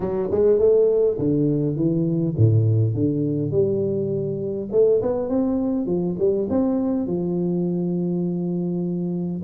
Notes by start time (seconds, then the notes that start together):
0.00 F#3
0.31 G#3
0.58 A3
1.18 D3
1.76 E3
2.37 A2
2.94 D3
3.51 G3
4.71 A3
5.02 B3
5.28 C4
5.86 F3
6.18 G3
6.49 C4
7.06 F3